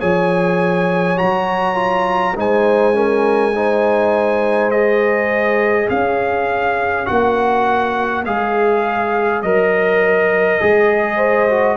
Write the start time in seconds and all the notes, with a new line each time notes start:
0.00 F3 G#4 C#5 G#5
1.18 F#3 F#4 A#5
1.75 F4
2.36 G#3 D#4 C5 G#5
2.94 C#4 A#4
3.56 D#4 C5
4.71 G#4 D#5
5.90 C#4 C#5 F5
7.06 A#3 F#4 F#5
8.26 G#3 G#4 F5
9.42 F#3 A#4 D#5
10.61 G#3 G#4
11.16 C5
11.50 F#4